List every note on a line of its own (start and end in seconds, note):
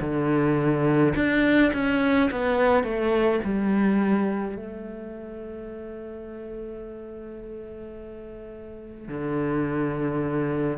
0.00 1.13 D3
1.15 1.72 D4
1.73 2.30 C#4
2.32 2.84 B3
2.84 3.40 A3
3.44 4.56 G3
4.56 9.08 A3
9.08 10.78 D3